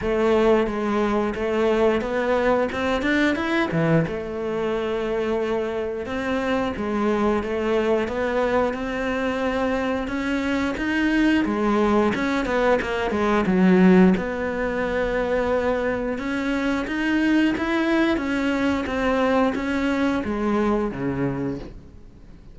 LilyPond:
\new Staff \with { instrumentName = "cello" } { \time 4/4 \tempo 4 = 89 a4 gis4 a4 b4 | c'8 d'8 e'8 e8 a2~ | a4 c'4 gis4 a4 | b4 c'2 cis'4 |
dis'4 gis4 cis'8 b8 ais8 gis8 | fis4 b2. | cis'4 dis'4 e'4 cis'4 | c'4 cis'4 gis4 cis4 | }